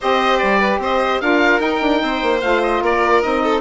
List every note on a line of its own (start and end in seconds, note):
0.01 0.42 C4
0.01 1.21 G4
0.01 0.59 C5
0.01 0.38 D#5
0.38 0.78 G3
0.38 0.78 D5
0.59 0.79 B4
0.78 1.18 C4
0.78 1.21 C5
0.78 1.20 D#5
1.20 1.60 D4
1.20 1.59 F4
1.20 2.01 A#4
1.20 1.60 F5
1.59 2.39 D#4
1.59 1.80 D#4
1.59 2.41 G5
1.81 2.01 D4
2.01 2.22 C4
2.01 2.82 C5
2.22 2.42 A#3
2.41 2.81 A3
2.41 3.22 F4
2.41 2.61 F5
2.63 2.83 D#5
2.81 3.21 A#3
2.81 3.42 A#4
2.81 3.22 D5
3.22 3.60 C4
3.22 3.60 D#4
3.22 3.60 D#5
3.43 3.60 A4